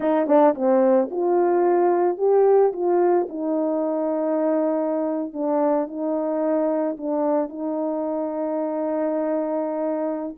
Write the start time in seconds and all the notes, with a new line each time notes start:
0.00 D#4
0.27 D4
0.54 C4
1.10 F4
2.17 G4
2.72 F4
3.29 D#4
5.33 D4
5.87 D#4
6.97 D4
7.49 D#4